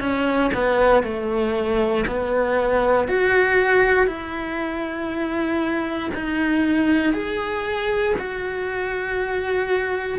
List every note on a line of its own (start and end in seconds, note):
0.00 0.51 C#4
0.54 1.03 B3
1.03 2.05 A3
2.07 3.08 B3
3.08 4.06 F#4
4.06 6.10 E4
6.14 7.13 D#4
7.13 8.14 G#4
8.18 10.19 F#4